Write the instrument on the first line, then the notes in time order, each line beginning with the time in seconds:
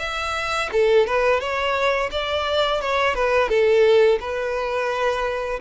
violin
0.00 E5
0.73 A4
1.07 B4
1.41 C#5
2.12 D5
2.82 C#5
3.15 B4
3.49 A4
4.21 B4